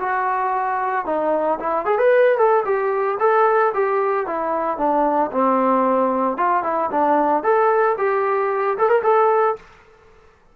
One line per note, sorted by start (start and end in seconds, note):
0.00 1.06 F#4
1.06 1.59 D#4
1.60 1.86 E4
1.86 1.99 G#4
1.99 2.38 B4
2.38 2.64 A4
2.65 3.18 G4
3.20 3.73 A4
3.74 4.27 G4
4.27 4.78 E4
4.78 5.31 D4
5.32 6.37 C4
6.37 6.63 F4
6.63 6.90 E4
6.91 7.44 D4
7.44 7.97 A4
7.98 8.78 G4
8.78 8.89 A4
8.89 9.02 A#4
9.03 9.56 A4